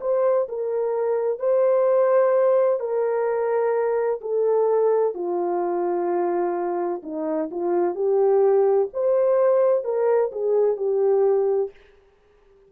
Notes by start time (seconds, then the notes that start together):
0.00 C5
0.48 A#4
1.39 C5
2.79 A#4
4.21 A4
5.14 F4
7.02 D#4
7.51 F4
7.94 G4
8.93 C5
9.84 A#4
10.31 G#4
10.76 G4